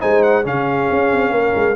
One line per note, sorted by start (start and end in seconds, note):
0.00 0.45 G#3
0.00 0.44 D#4
0.00 0.45 C5
0.00 0.23 G#5
0.23 0.44 F#5
0.44 0.89 C#3
0.44 1.75 C#4
0.44 1.34 G#4
0.44 1.76 F5
0.90 1.12 C#4
1.12 1.30 C4
1.30 1.52 A#3
1.30 1.76 A#4
1.56 1.76 G#3